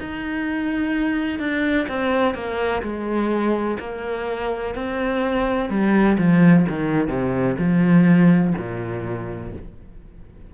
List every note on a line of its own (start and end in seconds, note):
0.00 1.39 D#4
1.39 1.87 D4
1.89 2.35 C4
2.35 2.82 A#3
2.83 3.78 G#3
3.80 4.75 A#3
4.75 5.70 C4
5.70 6.17 G3
6.18 6.66 F3
6.69 7.08 D#3
7.08 7.56 C3
7.59 8.54 F3
8.58 9.53 A#2